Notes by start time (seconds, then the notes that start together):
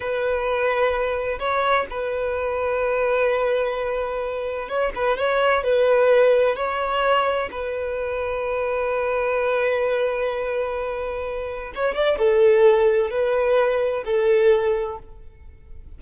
0.00 B4
1.39 C#5
1.90 B4
4.69 C#5
4.95 B4
5.17 C#5
5.63 B4
6.56 C#5
7.51 B4
11.74 C#5
11.94 D5
12.18 A4
13.10 B4
14.04 A4